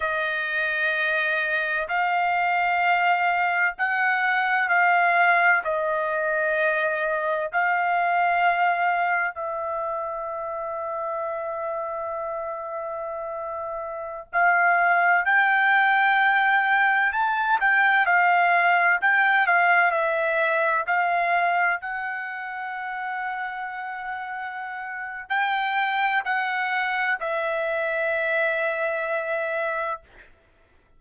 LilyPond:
\new Staff \with { instrumentName = "trumpet" } { \time 4/4 \tempo 4 = 64 dis''2 f''2 | fis''4 f''4 dis''2 | f''2 e''2~ | e''2.~ e''16 f''8.~ |
f''16 g''2 a''8 g''8 f''8.~ | f''16 g''8 f''8 e''4 f''4 fis''8.~ | fis''2. g''4 | fis''4 e''2. | }